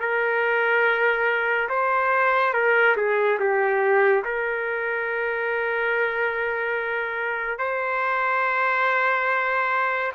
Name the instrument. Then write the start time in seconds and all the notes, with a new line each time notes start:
trumpet
0.00 A#4
1.69 C5
2.54 A#4
2.97 G#4
3.40 G4
4.25 A#4
7.59 C5